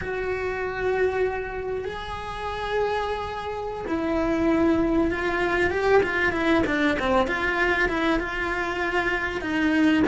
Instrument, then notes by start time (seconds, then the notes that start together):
cello
0.01 F#4
1.84 G#4
3.87 E4
5.11 F4
5.70 G4
6.03 F4
6.32 E4
6.66 D4
6.99 C4
7.27 F4
7.88 E4
8.19 F4
9.41 D#4